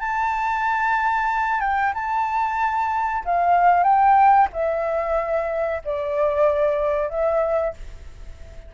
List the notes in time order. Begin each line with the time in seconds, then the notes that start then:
0.00 A5
1.61 G5
1.95 A5
3.25 F5
3.84 G5
4.53 E5
5.85 D5
7.10 E5